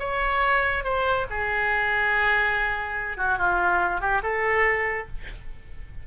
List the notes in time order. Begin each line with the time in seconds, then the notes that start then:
0.00 C#5
0.84 C5
1.31 G#4
3.18 F#4
3.39 F4
4.01 G4
4.23 A4